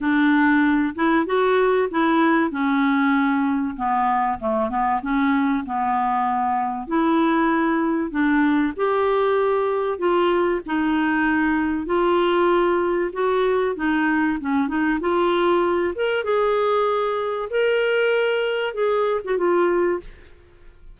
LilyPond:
\new Staff \with { instrumentName = "clarinet" } { \time 4/4 \tempo 4 = 96 d'4. e'8 fis'4 e'4 | cis'2 b4 a8 b8 | cis'4 b2 e'4~ | e'4 d'4 g'2 |
f'4 dis'2 f'4~ | f'4 fis'4 dis'4 cis'8 dis'8 | f'4. ais'8 gis'2 | ais'2 gis'8. fis'16 f'4 | }